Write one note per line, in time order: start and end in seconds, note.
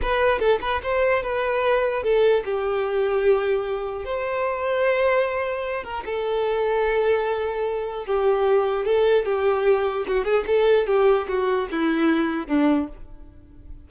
0.01 0.39 B4
0.39 0.59 A4
0.61 0.81 B4
0.83 1.22 C5
1.22 2.03 B4
2.03 2.43 A4
2.44 4.04 G4
4.04 5.84 C5
5.84 6.04 A#4
6.05 8.06 A4
8.06 8.85 G4
8.85 9.25 A4
9.25 10.05 G4
10.07 10.24 F#4
10.24 10.44 G#4
10.46 10.87 A4
10.87 11.27 G4
11.28 11.68 F#4
11.71 12.47 E4
12.47 12.87 D4